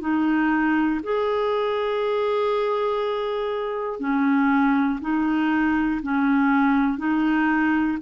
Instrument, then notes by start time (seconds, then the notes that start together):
clarinet
0.00 D#4
1.03 G#4
4.00 C#4
5.00 D#4
6.02 C#4
6.98 D#4